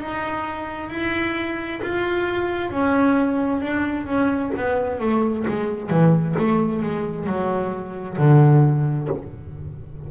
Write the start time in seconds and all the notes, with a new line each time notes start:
0.00 D#4
0.90 E4
1.82 F4
2.71 C#4
3.61 D4
4.06 C#4
4.56 B3
5.00 A3
5.47 G#3
5.90 E3
6.38 A3
6.82 G#3
7.26 F#3
8.17 D3